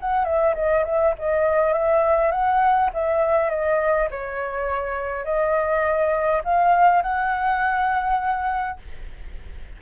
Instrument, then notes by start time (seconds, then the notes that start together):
flute
0.00 F#5
0.24 E5
0.54 D#5
0.84 E5
1.18 D#5
1.73 E5
2.31 F#5
2.93 E5
3.49 D#5
4.10 C#5
5.24 D#5
6.44 F5
7.02 F#5